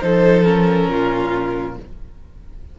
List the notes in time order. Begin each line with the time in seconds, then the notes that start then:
0.00 F3 D#4 A4 C5
0.43 C#4 A#4
0.88 A#2 F4